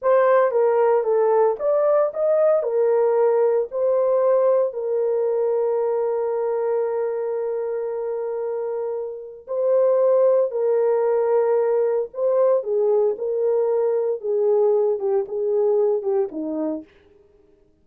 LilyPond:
\new Staff \with { instrumentName = "horn" } { \time 4/4 \tempo 4 = 114 c''4 ais'4 a'4 d''4 | dis''4 ais'2 c''4~ | c''4 ais'2.~ | ais'1~ |
ais'2 c''2 | ais'2. c''4 | gis'4 ais'2 gis'4~ | gis'8 g'8 gis'4. g'8 dis'4 | }